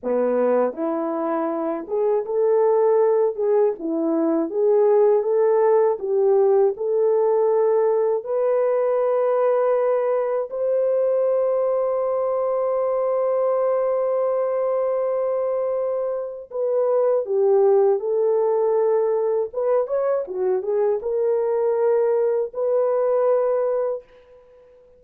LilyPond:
\new Staff \with { instrumentName = "horn" } { \time 4/4 \tempo 4 = 80 b4 e'4. gis'8 a'4~ | a'8 gis'8 e'4 gis'4 a'4 | g'4 a'2 b'4~ | b'2 c''2~ |
c''1~ | c''2 b'4 g'4 | a'2 b'8 cis''8 fis'8 gis'8 | ais'2 b'2 | }